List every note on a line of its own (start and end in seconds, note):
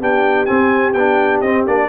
0.00 0.49 B3
0.00 0.46 D4
0.00 1.89 G4
0.00 0.46 G5
0.46 0.94 C4
0.46 0.93 G#5
0.93 1.41 B3
0.93 1.45 D4
0.93 1.40 G5
1.41 1.65 C4
1.41 1.67 C4
1.41 1.64 D#5
1.67 1.89 A#3
1.67 1.89 D4
1.67 1.89 D5